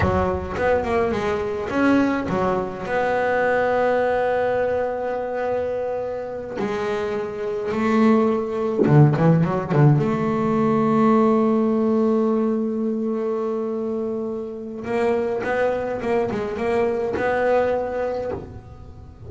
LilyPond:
\new Staff \with { instrumentName = "double bass" } { \time 4/4 \tempo 4 = 105 fis4 b8 ais8 gis4 cis'4 | fis4 b2.~ | b2.~ b8 gis8~ | gis4. a2 d8 |
e8 fis8 d8 a2~ a8~ | a1~ | a2 ais4 b4 | ais8 gis8 ais4 b2 | }